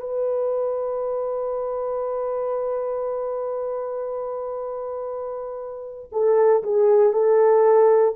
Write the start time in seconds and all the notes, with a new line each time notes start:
0.00 B4
6.12 A4
6.63 G#4
7.13 A4